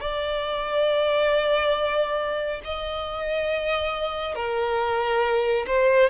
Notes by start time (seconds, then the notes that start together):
0.00 D5
2.64 D#5
4.35 A#4
5.66 C5